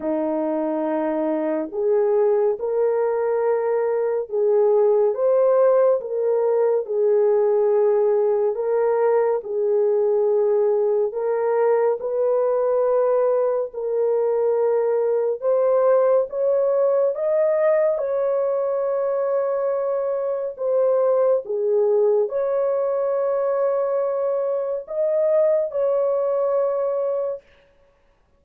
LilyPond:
\new Staff \with { instrumentName = "horn" } { \time 4/4 \tempo 4 = 70 dis'2 gis'4 ais'4~ | ais'4 gis'4 c''4 ais'4 | gis'2 ais'4 gis'4~ | gis'4 ais'4 b'2 |
ais'2 c''4 cis''4 | dis''4 cis''2. | c''4 gis'4 cis''2~ | cis''4 dis''4 cis''2 | }